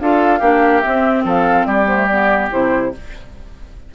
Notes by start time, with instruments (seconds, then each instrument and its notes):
0.00 bassoon D4, clarinet F4, oboe A4, flute F5
0.39 bassoon A#3, clarinet D4, oboe G4
0.80 clarinet C4, flute E5
0.86 bassoon C4
1.24 bassoon F3, oboe A4, flute F5
1.66 bassoon G3, oboe G4, flute D5
1.87 clarinet B3, flute C5
1.96 clarinet A3
2.06 clarinet B3, flute D5
2.50 bassoon C3, clarinet E4, flute C5